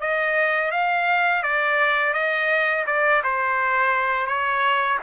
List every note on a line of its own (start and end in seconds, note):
0.00 0.71 D#5
0.71 1.43 F5
1.43 2.13 D5
2.13 2.85 D#5
2.86 3.22 D5
3.23 4.27 C5
4.27 4.98 C#5